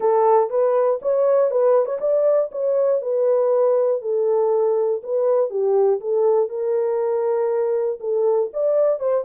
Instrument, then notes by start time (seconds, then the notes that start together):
horn
0.00 A4
0.50 B4
1.02 C#5
1.50 B4
1.85 C#5
2.00 D5
2.51 C#5
3.01 B4
4.01 A4
5.02 B4
5.50 G4
6.00 A4
6.49 A#4
8.00 A4
8.53 D5
8.99 C5